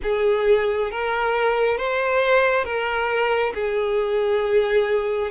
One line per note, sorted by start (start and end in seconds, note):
0.02 0.91 G#4
0.91 1.77 A#4
1.77 2.64 C5
2.64 3.52 A#4
3.54 5.30 G#4